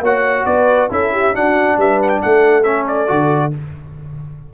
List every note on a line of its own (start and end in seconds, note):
0.00 0.43 A#3
0.00 0.90 F#4
0.00 0.46 C#5
0.00 0.46 F#5
0.46 0.89 B3
0.46 0.91 B4
0.46 0.89 D5
0.90 1.34 C#4
0.90 1.33 E4
0.90 1.12 A4
0.90 1.36 E5
1.12 1.34 G4
1.33 2.64 D4
1.33 1.78 D4
1.33 1.77 F#4
1.33 1.79 F#5
1.78 2.21 G3
1.78 2.22 B4
1.78 2.02 E5
2.02 2.09 F#5
2.09 2.20 G5
2.22 3.10 A3
2.22 3.54 A4
2.22 2.63 F#5
2.63 3.07 C#4
2.63 2.85 E5
2.88 3.53 D5
3.07 3.54 D3
3.07 3.51 F#4